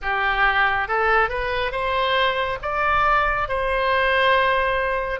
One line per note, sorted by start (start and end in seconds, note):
0.02 0.88 G4
0.88 1.29 A4
1.29 1.71 B4
1.71 2.58 C5
2.61 3.48 D5
3.48 5.20 C5